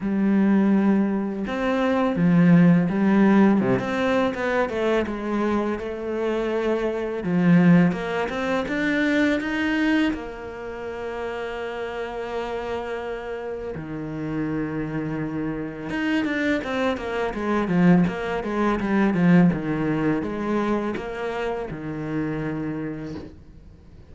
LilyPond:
\new Staff \with { instrumentName = "cello" } { \time 4/4 \tempo 4 = 83 g2 c'4 f4 | g4 c16 c'8. b8 a8 gis4 | a2 f4 ais8 c'8 | d'4 dis'4 ais2~ |
ais2. dis4~ | dis2 dis'8 d'8 c'8 ais8 | gis8 f8 ais8 gis8 g8 f8 dis4 | gis4 ais4 dis2 | }